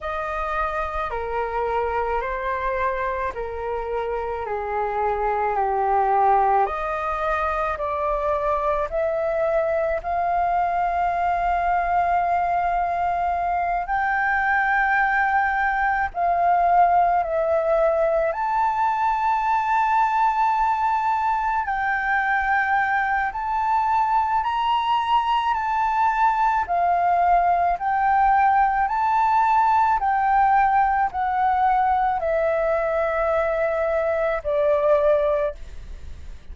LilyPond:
\new Staff \with { instrumentName = "flute" } { \time 4/4 \tempo 4 = 54 dis''4 ais'4 c''4 ais'4 | gis'4 g'4 dis''4 d''4 | e''4 f''2.~ | f''8 g''2 f''4 e''8~ |
e''8 a''2. g''8~ | g''4 a''4 ais''4 a''4 | f''4 g''4 a''4 g''4 | fis''4 e''2 d''4 | }